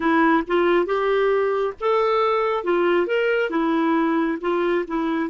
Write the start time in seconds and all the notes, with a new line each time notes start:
0.00 E4
0.47 F4
0.85 G4
1.80 A4
2.64 F4
3.06 A#4
3.50 E4
4.41 F4
4.87 E4